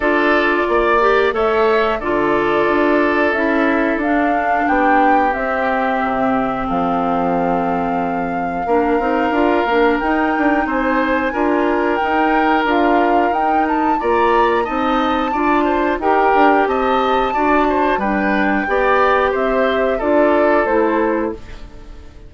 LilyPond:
<<
  \new Staff \with { instrumentName = "flute" } { \time 4/4 \tempo 4 = 90 d''2 e''4 d''4~ | d''4 e''4 f''4 g''4 | e''2 f''2~ | f''2. g''4 |
gis''2 g''4 f''4 | g''8 a''8 ais''4 a''2 | g''4 a''2 g''4~ | g''4 e''4 d''4 c''4 | }
  \new Staff \with { instrumentName = "oboe" } { \time 4/4 a'4 d''4 cis''4 a'4~ | a'2. g'4~ | g'2 a'2~ | a'4 ais'2. |
c''4 ais'2.~ | ais'4 d''4 dis''4 d''8 c''8 | ais'4 dis''4 d''8 c''8 b'4 | d''4 c''4 a'2 | }
  \new Staff \with { instrumentName = "clarinet" } { \time 4/4 f'4. g'8 a'4 f'4~ | f'4 e'4 d'2 | c'1~ | c'4 d'8 dis'8 f'8 d'8 dis'4~ |
dis'4 f'4 dis'4 f'4 | dis'4 f'4 dis'4 f'4 | g'2 fis'4 d'4 | g'2 f'4 e'4 | }
  \new Staff \with { instrumentName = "bassoon" } { \time 4/4 d'4 ais4 a4 d4 | d'4 cis'4 d'4 b4 | c'4 c4 f2~ | f4 ais8 c'8 d'8 ais8 dis'8 d'8 |
c'4 d'4 dis'4 d'4 | dis'4 ais4 c'4 d'4 | dis'8 d'8 c'4 d'4 g4 | b4 c'4 d'4 a4 | }
>>